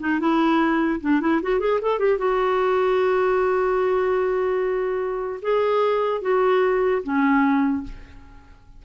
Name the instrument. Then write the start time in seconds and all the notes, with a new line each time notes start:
clarinet
0.00 D#4
0.20 E4
1.01 D4
1.21 E4
1.43 F#4
1.60 G#4
1.82 A4
1.99 G4
2.19 F#4
5.42 G#4
6.22 F#4
7.03 C#4